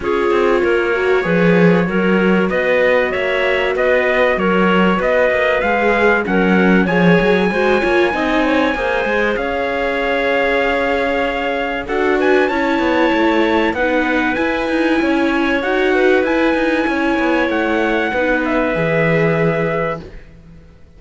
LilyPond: <<
  \new Staff \with { instrumentName = "trumpet" } { \time 4/4 \tempo 4 = 96 cis''1 | dis''4 e''4 dis''4 cis''4 | dis''4 f''4 fis''4 gis''4~ | gis''2. f''4~ |
f''2. fis''8 gis''8 | a''2 fis''4 gis''4~ | gis''4 fis''4 gis''2 | fis''4. e''2~ e''8 | }
  \new Staff \with { instrumentName = "clarinet" } { \time 4/4 gis'4 ais'4 b'4 ais'4 | b'4 cis''4 b'4 ais'4 | b'2 ais'4 cis''4 | c''8 cis''8 dis''8 cis''8 c''4 cis''4~ |
cis''2. a'8 b'8 | cis''2 b'2 | cis''4. b'4. cis''4~ | cis''4 b'2. | }
  \new Staff \with { instrumentName = "viola" } { \time 4/4 f'4. fis'8 gis'4 fis'4~ | fis'1~ | fis'4 gis'4 cis'4 gis'4 | fis'8 f'8 dis'4 gis'2~ |
gis'2. fis'4 | e'2 dis'4 e'4~ | e'4 fis'4 e'2~ | e'4 dis'4 gis'2 | }
  \new Staff \with { instrumentName = "cello" } { \time 4/4 cis'8 c'8 ais4 f4 fis4 | b4 ais4 b4 fis4 | b8 ais8 gis4 fis4 f8 fis8 | gis8 ais8 c'4 ais8 gis8 cis'4~ |
cis'2. d'4 | cis'8 b8 a4 b4 e'8 dis'8 | cis'4 dis'4 e'8 dis'8 cis'8 b8 | a4 b4 e2 | }
>>